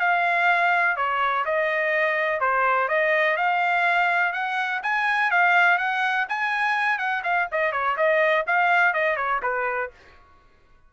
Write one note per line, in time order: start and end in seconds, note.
0.00 0.97 F5
0.97 1.45 C#5
1.46 2.41 D#5
2.41 2.89 C5
2.89 3.37 D#5
3.37 4.33 F5
4.33 4.81 F#5
4.83 5.31 G#5
5.31 5.78 F5
5.78 6.27 F#5
6.29 6.99 G#5
6.99 7.23 F#5
7.24 7.48 F5
7.52 7.72 D#5
7.72 7.96 C#5
7.97 8.45 D#5
8.47 8.94 F5
8.94 9.17 D#5
9.17 9.41 C#5
9.43 9.91 B4